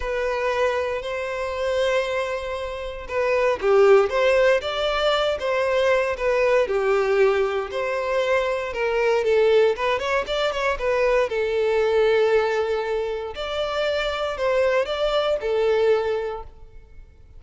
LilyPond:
\new Staff \with { instrumentName = "violin" } { \time 4/4 \tempo 4 = 117 b'2 c''2~ | c''2 b'4 g'4 | c''4 d''4. c''4. | b'4 g'2 c''4~ |
c''4 ais'4 a'4 b'8 cis''8 | d''8 cis''8 b'4 a'2~ | a'2 d''2 | c''4 d''4 a'2 | }